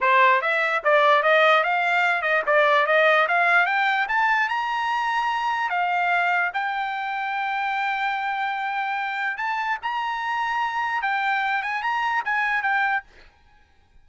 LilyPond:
\new Staff \with { instrumentName = "trumpet" } { \time 4/4 \tempo 4 = 147 c''4 e''4 d''4 dis''4 | f''4. dis''8 d''4 dis''4 | f''4 g''4 a''4 ais''4~ | ais''2 f''2 |
g''1~ | g''2. a''4 | ais''2. g''4~ | g''8 gis''8 ais''4 gis''4 g''4 | }